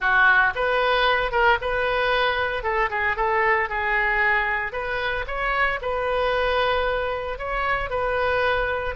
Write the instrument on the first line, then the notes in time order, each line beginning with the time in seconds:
oboe
0.00 F#4
0.55 B4
1.31 A#4
1.61 B4
2.63 A4
2.90 G#4
3.16 A4
3.69 G#4
4.72 B4
5.27 C#5
5.81 B4
7.38 C#5
7.89 B4